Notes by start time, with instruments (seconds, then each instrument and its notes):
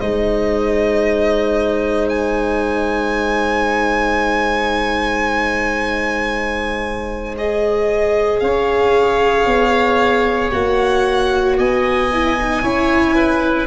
0.00 tuba G#3, viola D#4, oboe C5, violin D#5
2.09 violin G#5
7.38 viola G#4, violin D#5
8.40 tuba C#4, oboe C#5, violin F5
9.46 tuba B3
10.52 tuba A#3, viola F#4, violin F#5
11.58 tuba B3, oboe D#5, violin G#5
12.13 viola E4
12.40 viola D#4
12.63 tuba C#4, viola E4, oboe C#5
13.16 oboe B4